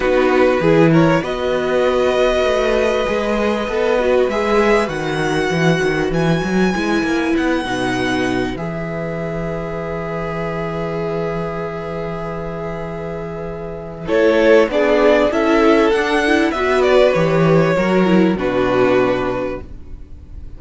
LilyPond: <<
  \new Staff \with { instrumentName = "violin" } { \time 4/4 \tempo 4 = 98 b'4. cis''8 dis''2~ | dis''2. e''4 | fis''2 gis''2 | fis''2 e''2~ |
e''1~ | e''2. cis''4 | d''4 e''4 fis''4 e''8 d''8 | cis''2 b'2 | }
  \new Staff \with { instrumentName = "violin" } { \time 4/4 fis'4 gis'8 ais'8 b'2~ | b'1~ | b'8 ais'8 b'2.~ | b'1~ |
b'1~ | b'2. a'4 | gis'4 a'2 b'4~ | b'4 ais'4 fis'2 | }
  \new Staff \with { instrumentName = "viola" } { \time 4/4 dis'4 e'4 fis'2~ | fis'4 gis'4 a'8 fis'8 gis'4 | fis'2. e'4~ | e'8 dis'4. gis'2~ |
gis'1~ | gis'2. e'4 | d'4 e'4 d'8 e'8 fis'4 | g'4 fis'8 e'8 d'2 | }
  \new Staff \with { instrumentName = "cello" } { \time 4/4 b4 e4 b2 | a4 gis4 b4 gis4 | dis4 e8 dis8 e8 fis8 gis8 ais8 | b8 b,4. e2~ |
e1~ | e2. a4 | b4 cis'4 d'4 b4 | e4 fis4 b,2 | }
>>